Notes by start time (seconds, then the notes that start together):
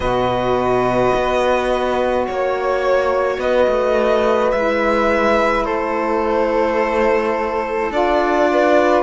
0.00 B2 F#4 B4 D#5
1.14 B3
2.27 A#3 C#5
3.38 B3 B4 D#5
3.67 A3
4.52 G#3 E4 E5
5.64 A3 A4 C5
7.90 D4 F4 D5
8.51 B4